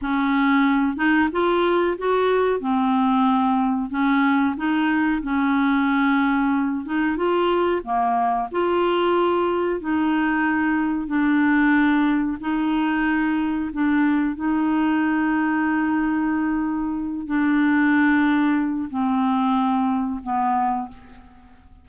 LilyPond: \new Staff \with { instrumentName = "clarinet" } { \time 4/4 \tempo 4 = 92 cis'4. dis'8 f'4 fis'4 | c'2 cis'4 dis'4 | cis'2~ cis'8 dis'8 f'4 | ais4 f'2 dis'4~ |
dis'4 d'2 dis'4~ | dis'4 d'4 dis'2~ | dis'2~ dis'8 d'4.~ | d'4 c'2 b4 | }